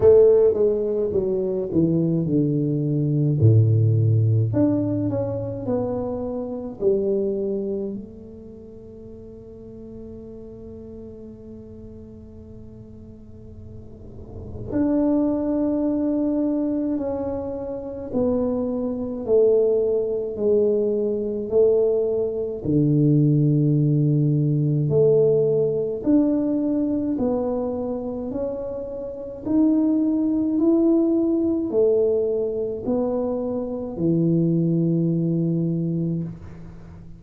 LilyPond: \new Staff \with { instrumentName = "tuba" } { \time 4/4 \tempo 4 = 53 a8 gis8 fis8 e8 d4 a,4 | d'8 cis'8 b4 g4 a4~ | a1~ | a4 d'2 cis'4 |
b4 a4 gis4 a4 | d2 a4 d'4 | b4 cis'4 dis'4 e'4 | a4 b4 e2 | }